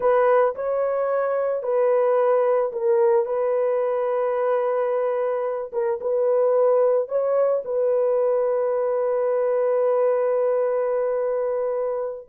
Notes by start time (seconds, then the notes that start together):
0.00 B4
0.55 C#5
1.62 B4
2.72 A#4
3.25 B4
5.72 A#4
6.00 B4
7.08 C#5
7.65 B4